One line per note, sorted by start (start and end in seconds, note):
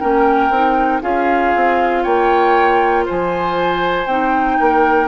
0.00 0.50 A#3
0.00 0.52 C#4
0.00 1.03 A#4
0.00 1.02 G5
0.50 1.01 C4
0.50 1.02 D#4
1.02 1.54 C#4
1.02 4.07 F4
1.02 2.03 G#4
1.02 2.03 F5
1.56 2.06 C4
2.03 3.08 A#3
2.03 3.05 C#5
2.03 3.05 G5
3.06 4.07 F3
3.06 4.58 C5
3.06 4.07 G#5
4.07 4.58 C4
4.07 5.08 D#4
4.07 5.08 G5
4.59 5.08 A#3
4.59 5.08 A#4